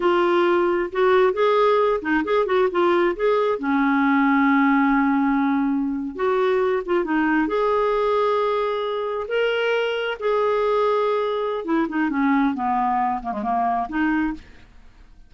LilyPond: \new Staff \with { instrumentName = "clarinet" } { \time 4/4 \tempo 4 = 134 f'2 fis'4 gis'4~ | gis'8 dis'8 gis'8 fis'8 f'4 gis'4 | cis'1~ | cis'4.~ cis'16 fis'4. f'8 dis'16~ |
dis'8. gis'2.~ gis'16~ | gis'8. ais'2 gis'4~ gis'16~ | gis'2 e'8 dis'8 cis'4 | b4. ais16 gis16 ais4 dis'4 | }